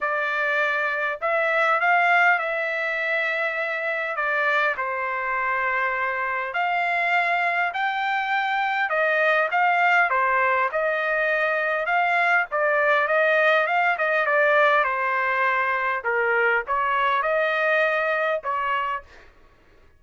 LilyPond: \new Staff \with { instrumentName = "trumpet" } { \time 4/4 \tempo 4 = 101 d''2 e''4 f''4 | e''2. d''4 | c''2. f''4~ | f''4 g''2 dis''4 |
f''4 c''4 dis''2 | f''4 d''4 dis''4 f''8 dis''8 | d''4 c''2 ais'4 | cis''4 dis''2 cis''4 | }